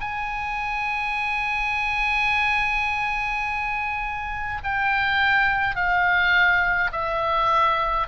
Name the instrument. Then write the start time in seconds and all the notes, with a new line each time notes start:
oboe
0.00 G#5
4.64 G5
5.75 F5
6.92 E5